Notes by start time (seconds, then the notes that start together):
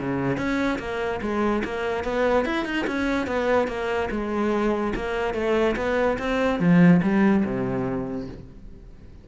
0.00 C#3
0.37 C#4
0.79 A#3
1.21 G#3
1.64 A#3
2.04 B3
2.45 E4
2.65 D#4
2.87 C#4
3.27 B3
3.67 A#3
4.11 G#3
4.95 A#3
5.34 A3
5.76 B3
6.18 C4
6.59 F3
7.02 G3
7.45 C3